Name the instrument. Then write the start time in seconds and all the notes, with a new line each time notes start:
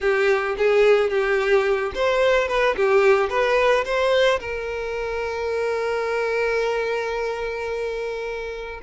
violin
0.01 G4
0.57 G#4
1.09 G4
1.94 C5
2.48 B4
2.75 G4
3.29 B4
3.84 C5
4.40 A#4